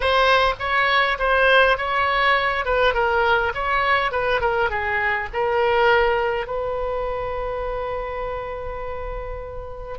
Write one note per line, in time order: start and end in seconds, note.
0.00 0.54 C5
0.59 1.18 C#5
1.18 1.77 C5
1.77 2.65 C#5
2.65 2.94 B4
2.94 3.52 A#4
3.54 4.11 C#5
4.11 4.40 B4
4.40 4.70 A#4
4.70 5.29 G#4
5.33 6.47 A#4
6.47 9.98 B4